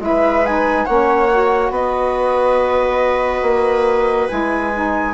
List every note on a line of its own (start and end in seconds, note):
0.00 0.86 G#3
0.00 0.44 E4
0.00 0.86 B4
0.00 0.46 E5
0.46 0.87 D#4
0.46 0.86 G#5
0.86 1.71 A#3
0.86 1.30 C#4
0.86 1.72 C#5
0.86 1.71 F#5
1.32 4.30 F#4
1.71 3.42 B3
1.71 5.14 B4
1.71 4.29 D#5
3.42 4.28 A#3
4.29 5.14 G#3
4.29 4.72 E4
4.29 5.14 G#5
4.74 5.14 D#4